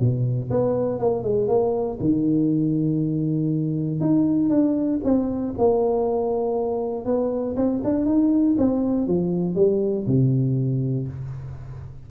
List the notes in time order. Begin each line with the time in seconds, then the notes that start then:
0.00 B2
0.51 B3
0.99 A#3
1.24 G#3
1.48 A#3
2.00 D#3
4.01 D#4
4.50 D4
5.04 C4
5.58 A#3
7.05 B3
7.57 C4
7.84 D4
8.06 D#4
8.59 C4
9.07 F3
9.55 G3
10.07 C3